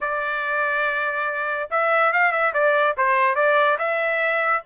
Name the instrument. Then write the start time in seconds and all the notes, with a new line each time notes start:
trumpet
0.00 D5
1.70 E5
2.12 F5
2.31 E5
2.53 D5
2.97 C5
3.35 D5
3.78 E5